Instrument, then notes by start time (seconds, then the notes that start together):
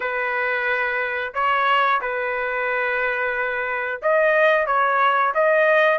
trumpet
0.00 B4
1.34 C#5
2.01 B4
4.02 D#5
4.66 C#5
5.34 D#5